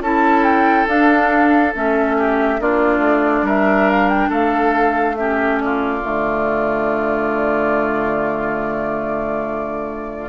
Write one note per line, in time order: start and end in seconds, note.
0.00 0.86 C#4
0.00 0.87 E4
0.00 2.17 A4
0.00 0.44 A5
0.44 0.86 G5
0.87 1.73 D4
0.87 1.74 F5
1.74 2.60 A3
1.74 2.59 C#4
1.74 2.61 E5
2.17 2.60 G4
2.59 2.98 A#3
2.59 5.16 D4
2.59 3.45 F4
2.59 3.47 D5
2.98 3.41 A3
3.42 4.27 G3
3.42 4.29 A#4
3.48 3.90 E5
3.90 4.08 F5
4.08 4.30 G5
4.29 6.02 A3
4.29 5.15 A4
4.29 5.16 F5
5.16 6.01 C#4
5.16 5.62 G4
5.16 5.59 E5
5.60 10.28 F4
5.60 10.28 D5
6.01 10.28 D3
6.01 10.28 A3